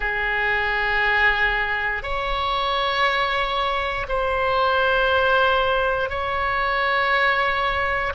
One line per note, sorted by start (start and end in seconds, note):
0.00 2.02 G#4
2.02 4.06 C#5
4.08 6.09 C5
6.09 8.13 C#5